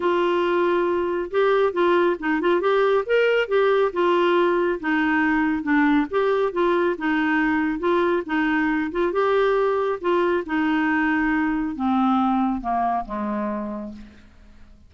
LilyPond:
\new Staff \with { instrumentName = "clarinet" } { \time 4/4 \tempo 4 = 138 f'2. g'4 | f'4 dis'8 f'8 g'4 ais'4 | g'4 f'2 dis'4~ | dis'4 d'4 g'4 f'4 |
dis'2 f'4 dis'4~ | dis'8 f'8 g'2 f'4 | dis'2. c'4~ | c'4 ais4 gis2 | }